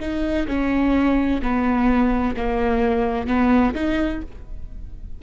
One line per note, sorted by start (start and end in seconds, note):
0.00 0.47 D#4
0.47 1.41 C#4
1.42 2.36 B3
2.37 3.27 A#3
3.27 3.74 B3
3.75 4.21 D#4